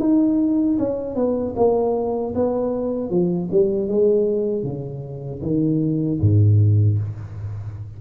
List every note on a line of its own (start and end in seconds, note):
0.00 0.78 D#4
0.79 1.15 C#4
1.15 1.54 B3
1.56 2.34 A#3
2.35 3.10 B3
3.10 3.49 F3
3.51 3.88 G3
3.88 4.64 G#3
4.64 5.42 C#3
5.42 6.21 D#3
6.21 6.98 G#2